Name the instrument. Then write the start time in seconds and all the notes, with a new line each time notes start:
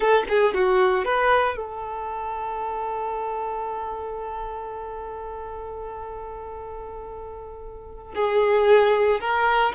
violin
0.00 A4
0.28 G#4
0.54 F#4
1.04 B4
1.56 A4
8.14 G#4
9.20 A#4